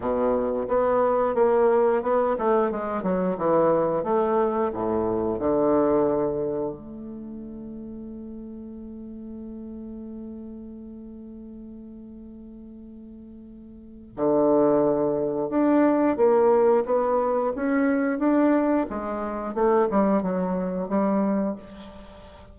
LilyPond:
\new Staff \with { instrumentName = "bassoon" } { \time 4/4 \tempo 4 = 89 b,4 b4 ais4 b8 a8 | gis8 fis8 e4 a4 a,4 | d2 a2~ | a1~ |
a1~ | a4 d2 d'4 | ais4 b4 cis'4 d'4 | gis4 a8 g8 fis4 g4 | }